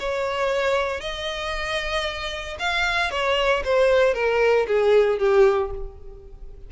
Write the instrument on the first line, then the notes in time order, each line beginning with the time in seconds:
violin
0.00 C#5
1.01 D#5
2.60 F5
3.11 C#5
3.65 C5
4.15 A#4
4.68 G#4
5.19 G4